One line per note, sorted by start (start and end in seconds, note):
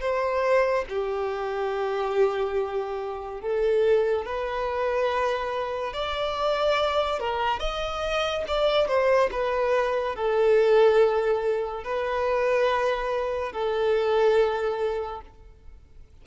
0.00 0.85 C5
0.89 3.41 G4
3.41 4.25 A4
4.25 5.93 B4
5.93 7.19 D5
7.19 7.59 A#4
7.59 8.44 D#5
8.47 8.87 D5
8.87 9.29 C5
9.31 10.15 B4
10.15 11.83 A4
11.83 13.52 B4
13.52 15.21 A4